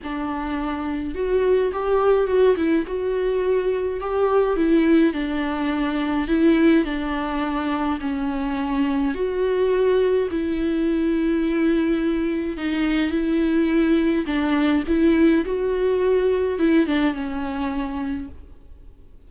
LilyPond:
\new Staff \with { instrumentName = "viola" } { \time 4/4 \tempo 4 = 105 d'2 fis'4 g'4 | fis'8 e'8 fis'2 g'4 | e'4 d'2 e'4 | d'2 cis'2 |
fis'2 e'2~ | e'2 dis'4 e'4~ | e'4 d'4 e'4 fis'4~ | fis'4 e'8 d'8 cis'2 | }